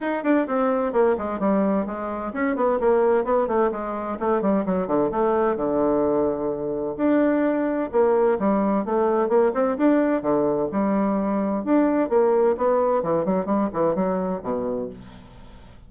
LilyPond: \new Staff \with { instrumentName = "bassoon" } { \time 4/4 \tempo 4 = 129 dis'8 d'8 c'4 ais8 gis8 g4 | gis4 cis'8 b8 ais4 b8 a8 | gis4 a8 g8 fis8 d8 a4 | d2. d'4~ |
d'4 ais4 g4 a4 | ais8 c'8 d'4 d4 g4~ | g4 d'4 ais4 b4 | e8 fis8 g8 e8 fis4 b,4 | }